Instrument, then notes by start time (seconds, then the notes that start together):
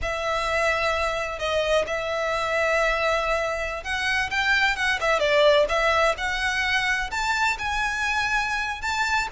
violin
0.01 E5
1.38 D#5
1.86 E5
3.83 F#5
4.30 G5
4.76 F#5
5.00 E5
5.19 D5
5.68 E5
6.17 F#5
7.10 A5
7.58 G#5
8.81 A5